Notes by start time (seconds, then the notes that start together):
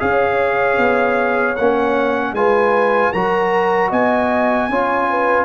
0.00 C#4 G#4 C#5 F5
0.78 B3
1.56 A#3 C#4 F#5
2.32 G#3 F4 B4 G#5
3.12 F#3 F#4 A#4 A#5
3.90 B3 D#5 G#5
4.69 C#4 F4 C#5
5.10 B4